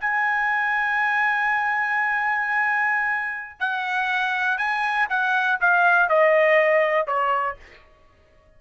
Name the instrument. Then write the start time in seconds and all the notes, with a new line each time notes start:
trumpet
0.00 G#5
3.60 F#5
4.58 G#5
5.09 F#5
5.60 F5
6.09 D#5
7.07 C#5